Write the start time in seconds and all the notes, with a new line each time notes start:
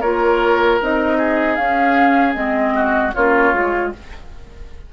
0.00 A#3 F4 A#4 C#5
0.80 C4 D#4 D#5
1.18 G#4
1.55 C#4 F5
2.34 G#3 C4 D#5
2.75 F#4
3.14 A#3 C#4 F4 C#5
3.53 G#3 F4